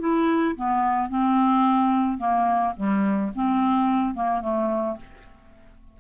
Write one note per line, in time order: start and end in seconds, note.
0.00 0.56 E4
0.56 1.09 B3
1.09 2.18 C4
2.18 2.74 A#3
2.77 3.32 G3
3.35 4.15 C4
4.15 4.41 A#3
4.41 4.97 A3